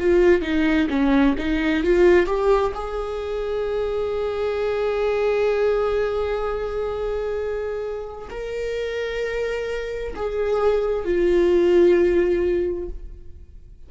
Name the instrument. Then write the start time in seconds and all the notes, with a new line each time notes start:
viola
0.00 F4
0.42 D#4
0.90 C#4
1.38 D#4
1.84 F4
2.27 G4
2.75 G#4
8.30 A#4
10.16 G#4
11.05 F4